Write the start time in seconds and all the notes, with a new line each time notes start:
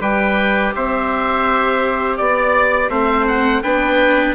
0.00 G3 G4 B4 G5
0.75 C4 C5 E5
2.17 B3 D5
2.89 A3 C4 C5 E5
3.27 F#5
3.62 B3 D4 B4 G5